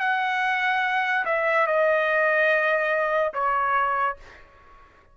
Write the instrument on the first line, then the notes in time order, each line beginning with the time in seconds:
trumpet
0.00 F#5
1.26 E5
1.67 D#5
3.34 C#5